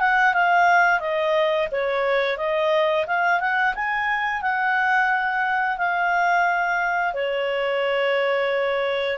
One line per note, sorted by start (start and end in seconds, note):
0.00 0.34 F#5
0.34 1.00 F5
1.00 1.68 D#5
1.72 2.38 C#5
2.38 3.06 D#5
3.07 3.41 F5
3.41 3.75 F#5
3.75 4.42 G#5
4.42 5.78 F#5
5.78 7.14 F5
7.14 9.18 C#5